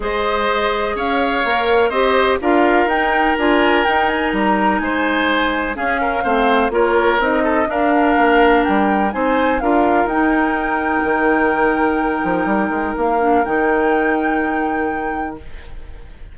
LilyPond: <<
  \new Staff \with { instrumentName = "flute" } { \time 4/4 \tempo 4 = 125 dis''2 f''2 | dis''4 f''4 g''4 gis''4 | g''8 gis''8 ais''4 gis''2 | f''2 cis''4 dis''4 |
f''2 g''4 gis''4 | f''4 g''2.~ | g''2. f''4 | g''1 | }
  \new Staff \with { instrumentName = "oboe" } { \time 4/4 c''2 cis''2 | c''4 ais'2.~ | ais'2 c''2 | gis'8 ais'8 c''4 ais'4. a'8 |
ais'2. c''4 | ais'1~ | ais'1~ | ais'1 | }
  \new Staff \with { instrumentName = "clarinet" } { \time 4/4 gis'2. ais'4 | g'4 f'4 dis'4 f'4 | dis'1 | cis'4 c'4 f'4 dis'4 |
d'2. dis'4 | f'4 dis'2.~ | dis'2.~ dis'8 d'8 | dis'1 | }
  \new Staff \with { instrumentName = "bassoon" } { \time 4/4 gis2 cis'4 ais4 | c'4 d'4 dis'4 d'4 | dis'4 g4 gis2 | cis'4 a4 ais4 c'4 |
d'4 ais4 g4 c'4 | d'4 dis'2 dis4~ | dis4. f8 g8 gis8 ais4 | dis1 | }
>>